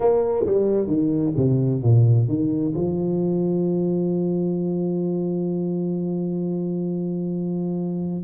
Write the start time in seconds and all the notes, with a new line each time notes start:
0.00 A#3
0.45 G3
0.87 D#3
1.36 C3
1.82 A#2
2.28 D#3
2.74 F3